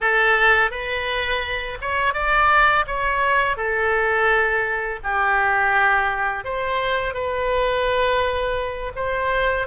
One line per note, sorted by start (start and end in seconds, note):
0.01 0.70 A4
0.70 1.78 B4
1.81 2.13 C#5
2.13 2.85 D5
2.86 3.56 C#5
3.56 4.99 A4
5.03 6.44 G4
6.44 7.14 C5
7.14 8.92 B4
8.95 9.67 C5